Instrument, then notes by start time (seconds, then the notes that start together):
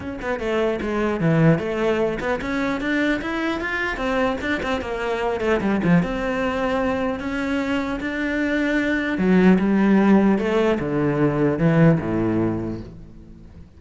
cello
0.00 C#4
0.21 B3
0.39 A3
0.81 G#3
1.20 E3
1.58 A3
2.20 B3
2.41 C#4
2.80 D4
3.21 E4
3.60 F4
3.96 C4
4.41 D4
4.62 C4
4.81 A#3
5.40 A3
5.61 G3
5.83 F3
6.02 C4
7.19 C#4
8.00 D4
9.18 F#3
9.58 G3
10.38 A3
10.79 D3
11.58 E3
12.00 A2